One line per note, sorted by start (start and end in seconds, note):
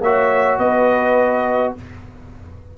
0.00 0.58 A#3
0.00 1.77 F#4
0.00 0.59 C#5
0.00 0.59 E5
0.58 1.73 B3
0.58 1.74 B4
0.58 1.74 D#5